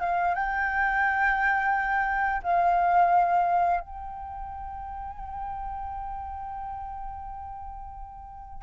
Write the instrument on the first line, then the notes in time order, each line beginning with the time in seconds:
flute
0.00 F5
0.34 G5
2.43 F5
3.80 G5